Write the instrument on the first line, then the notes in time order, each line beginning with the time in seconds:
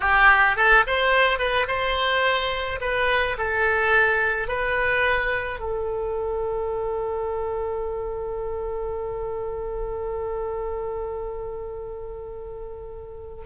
oboe
0.00 G4
0.56 A4
0.87 C5
1.38 B4
1.67 C5
2.80 B4
3.37 A4
4.48 B4
5.59 A4